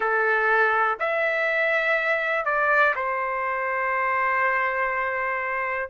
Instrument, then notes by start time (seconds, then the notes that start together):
trumpet
0.00 A4
0.99 E5
2.45 D5
2.95 C5